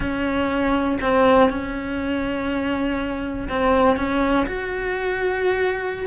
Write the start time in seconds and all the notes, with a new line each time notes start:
0.00 C#4
1.01 C4
1.49 C#4
3.48 C4
3.96 C#4
4.46 F#4